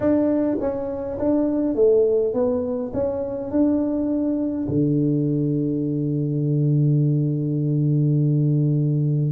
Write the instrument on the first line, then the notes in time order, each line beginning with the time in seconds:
tuba
0.00 D4
0.60 C#4
1.18 D4
1.75 A3
2.33 B3
2.93 C#4
3.51 D4
4.68 D3